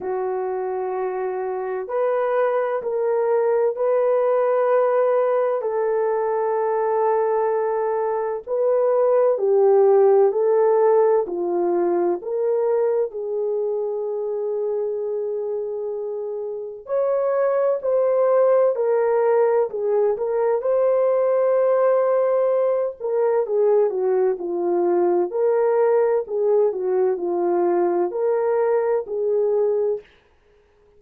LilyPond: \new Staff \with { instrumentName = "horn" } { \time 4/4 \tempo 4 = 64 fis'2 b'4 ais'4 | b'2 a'2~ | a'4 b'4 g'4 a'4 | f'4 ais'4 gis'2~ |
gis'2 cis''4 c''4 | ais'4 gis'8 ais'8 c''2~ | c''8 ais'8 gis'8 fis'8 f'4 ais'4 | gis'8 fis'8 f'4 ais'4 gis'4 | }